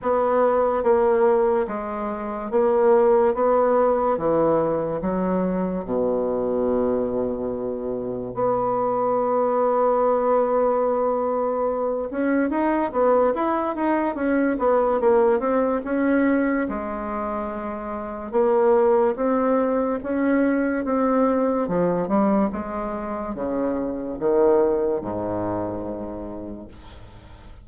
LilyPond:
\new Staff \with { instrumentName = "bassoon" } { \time 4/4 \tempo 4 = 72 b4 ais4 gis4 ais4 | b4 e4 fis4 b,4~ | b,2 b2~ | b2~ b8 cis'8 dis'8 b8 |
e'8 dis'8 cis'8 b8 ais8 c'8 cis'4 | gis2 ais4 c'4 | cis'4 c'4 f8 g8 gis4 | cis4 dis4 gis,2 | }